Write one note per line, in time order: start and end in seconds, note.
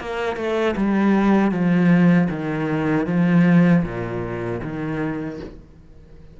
0.00 0.36 A#3
0.36 0.75 A3
0.76 1.51 G3
1.51 2.28 F3
2.30 3.06 D#3
3.06 3.83 F3
3.84 4.60 A#2
4.63 5.40 D#3